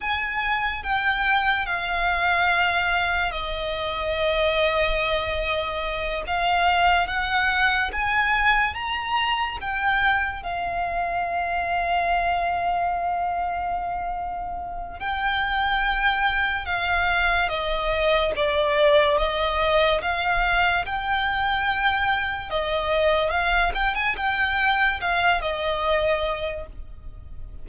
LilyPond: \new Staff \with { instrumentName = "violin" } { \time 4/4 \tempo 4 = 72 gis''4 g''4 f''2 | dis''2.~ dis''8 f''8~ | f''8 fis''4 gis''4 ais''4 g''8~ | g''8 f''2.~ f''8~ |
f''2 g''2 | f''4 dis''4 d''4 dis''4 | f''4 g''2 dis''4 | f''8 g''16 gis''16 g''4 f''8 dis''4. | }